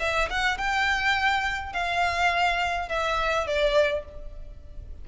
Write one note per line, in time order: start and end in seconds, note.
0.00 0.29 E5
0.30 0.58 F#5
0.58 1.73 G5
1.73 2.89 F5
2.89 3.47 E5
3.47 4.05 D5